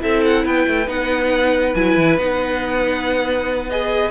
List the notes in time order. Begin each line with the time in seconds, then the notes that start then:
0.00 C4 E4 A4 E5
0.25 F#5
0.45 B3 B4 G5
0.68 A3
0.87 B3 D#4 F#5
1.75 F#3 E4 G#5
1.97 E3
2.18 B3 D#4 F#5
3.70 G#4 D#5